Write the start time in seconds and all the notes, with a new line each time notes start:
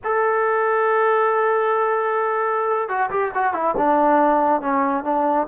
0.04 A4
2.88 F#4
3.10 G4
3.34 F#4
3.53 E4
3.77 D4
4.61 C#4
5.04 D4